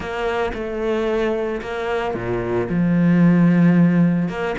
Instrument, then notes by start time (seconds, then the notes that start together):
cello
0.00 A#3
0.54 A3
1.61 A#3
2.14 A#2
2.69 F3
4.28 A#3